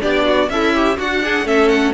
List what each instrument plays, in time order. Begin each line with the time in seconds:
0.00 cello B3, viola D4, violin G4 D5
0.25 violin F#4
0.49 cello C#4, violin E4 E5, viola A4
0.74 viola G4
0.96 cello D4, violin F#4 F#5, viola F#4
1.23 viola D4, violin G#4
1.43 cello A3, viola C#4, violin A4 E5
1.69 violin F#5